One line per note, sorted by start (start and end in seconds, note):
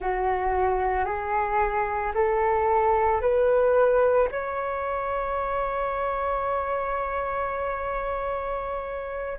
0.00 1.05 F#4
1.05 2.12 G#4
2.14 3.21 A4
3.21 4.28 B4
4.31 9.38 C#5